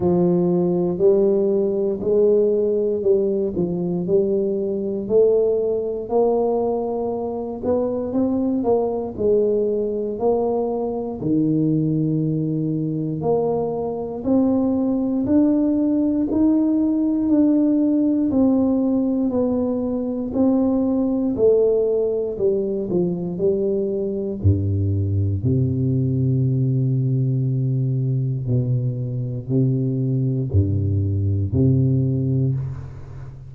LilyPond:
\new Staff \with { instrumentName = "tuba" } { \time 4/4 \tempo 4 = 59 f4 g4 gis4 g8 f8 | g4 a4 ais4. b8 | c'8 ais8 gis4 ais4 dis4~ | dis4 ais4 c'4 d'4 |
dis'4 d'4 c'4 b4 | c'4 a4 g8 f8 g4 | g,4 c2. | b,4 c4 g,4 c4 | }